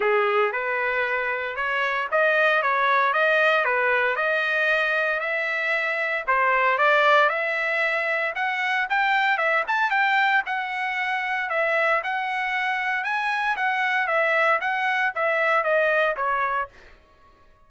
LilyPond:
\new Staff \with { instrumentName = "trumpet" } { \time 4/4 \tempo 4 = 115 gis'4 b'2 cis''4 | dis''4 cis''4 dis''4 b'4 | dis''2 e''2 | c''4 d''4 e''2 |
fis''4 g''4 e''8 a''8 g''4 | fis''2 e''4 fis''4~ | fis''4 gis''4 fis''4 e''4 | fis''4 e''4 dis''4 cis''4 | }